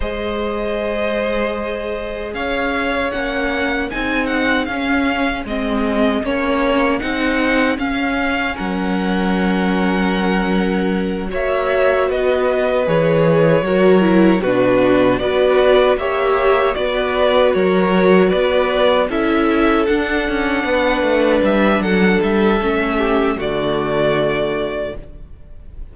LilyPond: <<
  \new Staff \with { instrumentName = "violin" } { \time 4/4 \tempo 4 = 77 dis''2. f''4 | fis''4 gis''8 fis''8 f''4 dis''4 | cis''4 fis''4 f''4 fis''4~ | fis''2~ fis''8 e''4 dis''8~ |
dis''8 cis''2 b'4 d''8~ | d''8 e''4 d''4 cis''4 d''8~ | d''8 e''4 fis''2 e''8 | fis''8 e''4. d''2 | }
  \new Staff \with { instrumentName = "violin" } { \time 4/4 c''2. cis''4~ | cis''4 gis'2.~ | gis'2. ais'4~ | ais'2~ ais'8 cis''4 b'8~ |
b'4. ais'4 fis'4 b'8~ | b'8 cis''4 b'4 ais'4 b'8~ | b'8 a'2 b'4. | a'4. g'8 fis'2 | }
  \new Staff \with { instrumentName = "viola" } { \time 4/4 gis'1 | cis'4 dis'4 cis'4 c'4 | cis'4 dis'4 cis'2~ | cis'2~ cis'8 fis'4.~ |
fis'8 gis'4 fis'8 e'8 d'4 fis'8~ | fis'8 g'4 fis'2~ fis'8~ | fis'8 e'4 d'2~ d'8~ | d'4 cis'4 a2 | }
  \new Staff \with { instrumentName = "cello" } { \time 4/4 gis2. cis'4 | ais4 c'4 cis'4 gis4 | ais4 c'4 cis'4 fis4~ | fis2~ fis8 ais4 b8~ |
b8 e4 fis4 b,4 b8~ | b8 ais4 b4 fis4 b8~ | b8 cis'4 d'8 cis'8 b8 a8 g8 | fis8 g8 a4 d2 | }
>>